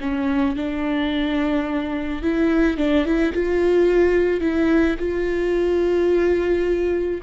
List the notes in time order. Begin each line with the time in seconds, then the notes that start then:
0.00 C#4
0.56 D4
2.22 E4
2.77 D4
3.05 E4
3.33 F4
4.40 E4
4.98 F4